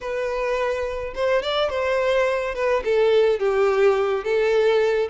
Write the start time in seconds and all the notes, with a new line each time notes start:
0.00 B4
1.14 C5
1.42 D5
1.69 C5
2.54 B4
2.84 A4
3.39 G4
4.23 A4